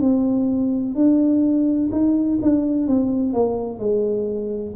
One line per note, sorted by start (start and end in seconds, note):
0.00 0.95 C4
0.95 1.90 D4
1.92 2.39 D#4
2.42 2.87 D4
2.87 3.33 C4
3.33 3.79 A#3
3.79 4.74 G#3